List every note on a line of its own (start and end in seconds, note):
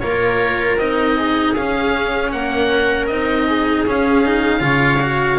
0.00 0.77 A#3
0.00 0.79 F4
0.00 1.18 A#4
0.00 0.77 C#5
0.77 1.54 C4
0.77 1.56 D#4
0.77 1.54 D#5
1.18 2.33 G#4
1.54 2.33 C#4
1.54 3.10 C#4
1.54 2.31 F5
2.32 3.08 A#3
2.32 3.47 A#4
2.32 3.07 F#5
3.07 3.85 C4
3.07 3.87 D#4
3.07 3.84 D#5
3.47 4.62 G#4
3.87 4.61 C#4
3.87 4.25 C#4
3.87 5.39 F5
4.25 4.60 D#4
4.60 5.38 C#3
4.60 4.98 F4
4.60 5.39 C#5
5.01 5.39 F#4